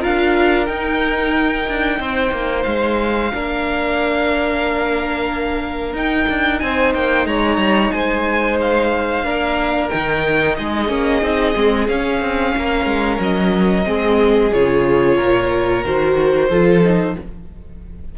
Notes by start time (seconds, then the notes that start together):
0.00 D4 F4 A#4 F5
0.66 D#4 G5
1.68 D4
2.00 C4 C5
2.32 A#3
2.63 G#3 F5
3.32 A#3 D4 A#4
5.94 D#4 G5
6.29 D4
6.59 C4 C5 G#5
6.95 A#3 G5
7.26 G#3 C#5 A#5
7.58 G3
7.91 G#3 C5 G#5
8.61 F5
9.24 A#3 D4 A#4
9.90 D#3 D#4 G5
10.55 G#3 G#4 D#5
10.89 A#3 C#4
11.22 C4 D#4
11.55 G#3 C4
11.88 C#4 F5
12.21 C4
12.56 A#3 A#4
12.85 G#3
13.20 F#3 D#5
13.84 G#3 C4 G#4
14.53 C#3 F4 C#5
15.17 A#2 A#4
15.84 D#3 F#4 C5
16.50 F3 F4 A4
16.85 D#4